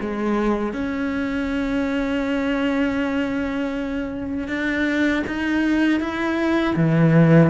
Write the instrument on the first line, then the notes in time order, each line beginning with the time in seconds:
cello
0.00 G#3
0.73 C#4
4.48 D4
5.27 D#4
6.00 E4
6.75 E3